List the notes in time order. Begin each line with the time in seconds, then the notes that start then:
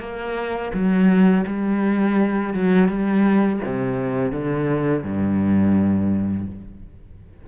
0.00 A#3
0.73 F#3
1.46 G3
2.54 F#3
2.88 G3
3.65 C3
4.32 D3
5.04 G2